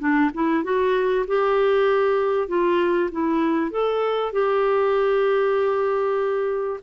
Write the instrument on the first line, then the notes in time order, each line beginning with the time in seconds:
clarinet
0.00 D4
0.35 E4
0.64 F#4
1.27 G4
2.49 F4
3.12 E4
3.71 A4
4.33 G4